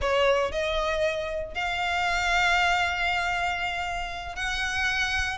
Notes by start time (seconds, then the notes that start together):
0.01 C#5
0.51 D#5
1.54 F5
4.35 F#5